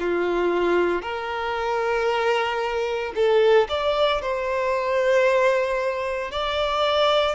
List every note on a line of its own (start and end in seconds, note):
0.00 1.02 F4
1.02 3.13 A#4
3.15 3.68 A4
3.69 4.22 D5
4.22 6.31 C5
6.31 7.35 D5